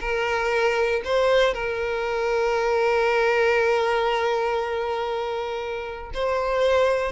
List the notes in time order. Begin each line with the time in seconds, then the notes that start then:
0.00 A#4
1.04 C5
1.53 A#4
6.14 C5